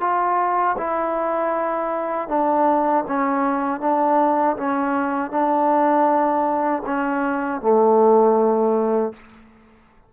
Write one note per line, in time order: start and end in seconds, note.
0.00 0.76 F4
0.77 2.28 E4
2.28 3.04 D4
3.07 3.80 C#4
3.80 4.56 D4
4.56 5.31 C#4
5.31 6.83 D4
6.86 7.61 C#4
7.61 9.13 A3